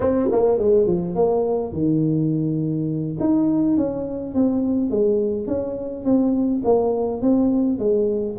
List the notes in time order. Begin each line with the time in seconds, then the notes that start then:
0.00 C4
0.31 A#3
0.58 G#3
0.86 F3
1.15 A#3
1.73 D#3
3.20 D#4
3.77 C#4
4.34 C4
4.90 G#3
5.47 C#4
6.04 C4
6.64 A#3
7.21 C4
7.78 G#3